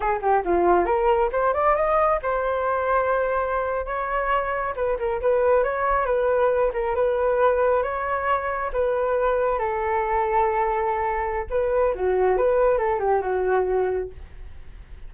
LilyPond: \new Staff \with { instrumentName = "flute" } { \time 4/4 \tempo 4 = 136 gis'8 g'8 f'4 ais'4 c''8 d''8 | dis''4 c''2.~ | c''8. cis''2 b'8 ais'8 b'16~ | b'8. cis''4 b'4. ais'8 b'16~ |
b'4.~ b'16 cis''2 b'16~ | b'4.~ b'16 a'2~ a'16~ | a'2 b'4 fis'4 | b'4 a'8 g'8 fis'2 | }